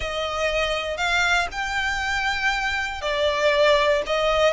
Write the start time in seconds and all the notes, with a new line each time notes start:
0.00 D#5
0.97 F5
1.51 G5
3.01 D5
4.06 D#5